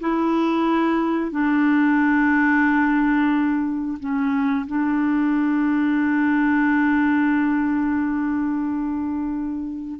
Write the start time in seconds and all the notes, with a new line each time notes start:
0.00 E4
1.32 D4
4.00 C#4
4.67 D4